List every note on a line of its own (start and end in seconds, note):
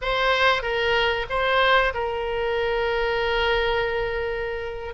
0.01 0.62 C5
0.62 1.26 A#4
1.29 1.93 C5
1.94 4.94 A#4